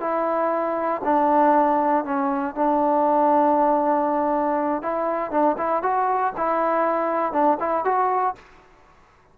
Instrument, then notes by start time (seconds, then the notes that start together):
trombone
0.00 E4
1.04 D4
2.04 C#4
2.55 D4
4.82 E4
5.31 D4
5.57 E4
5.82 F#4
6.36 E4
7.32 D4
7.59 E4
7.84 F#4